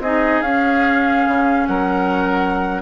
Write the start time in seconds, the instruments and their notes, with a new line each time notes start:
0.00 bassoon C4, clarinet D#4, oboe G#4, flute D#5
0.41 bassoon C#4, clarinet C#4, flute F5
1.27 bassoon C#3
1.66 bassoon F#3, oboe A#4, flute F#5